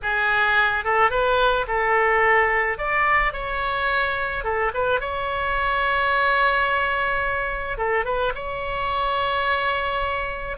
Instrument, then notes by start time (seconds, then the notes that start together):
oboe
0.02 G#4
0.84 A4
1.10 B4
1.67 A4
2.78 D5
3.33 C#5
4.43 A4
4.74 B4
5.00 C#5
7.77 A4
8.05 B4
8.34 C#5